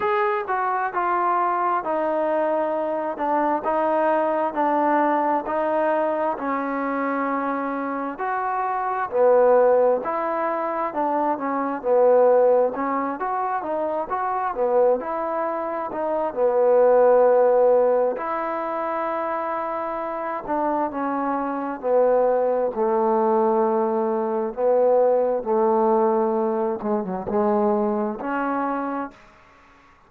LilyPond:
\new Staff \with { instrumentName = "trombone" } { \time 4/4 \tempo 4 = 66 gis'8 fis'8 f'4 dis'4. d'8 | dis'4 d'4 dis'4 cis'4~ | cis'4 fis'4 b4 e'4 | d'8 cis'8 b4 cis'8 fis'8 dis'8 fis'8 |
b8 e'4 dis'8 b2 | e'2~ e'8 d'8 cis'4 | b4 a2 b4 | a4. gis16 fis16 gis4 cis'4 | }